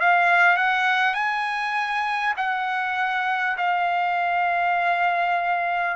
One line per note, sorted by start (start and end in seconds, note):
0.00 0.57 F5
0.57 1.14 F#5
1.14 2.34 G#5
2.37 3.57 F#5
3.57 5.96 F5